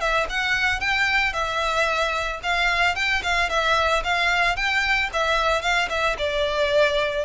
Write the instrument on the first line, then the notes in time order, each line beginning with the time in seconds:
violin
0.00 E5
0.30 F#5
0.80 G5
1.33 E5
2.43 F5
2.95 G5
3.23 F5
3.49 E5
4.04 F5
4.56 G5
5.13 E5
5.62 F5
5.90 E5
6.18 D5